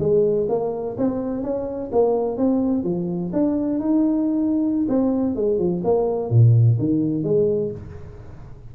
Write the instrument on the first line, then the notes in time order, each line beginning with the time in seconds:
tuba
0.00 G#3
0.49 A#3
0.98 C4
1.44 C#4
1.93 A#3
2.38 C4
2.84 F3
3.33 D4
3.80 D#4
4.89 C4
5.36 G#3
5.59 F3
5.84 A#3
6.31 A#2
6.79 D#3
7.24 G#3